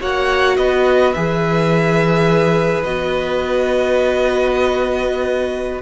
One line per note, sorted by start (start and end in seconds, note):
0.00 0.58 A#3
0.00 1.14 F#4
0.00 0.57 C#5
0.00 0.57 F#5
0.57 1.14 B3
0.57 5.82 B4
0.57 1.13 D#5
1.13 2.85 E3
1.13 2.85 G#4
1.13 2.83 E5
2.83 5.82 B3
2.83 5.82 F#4
2.83 5.81 D#5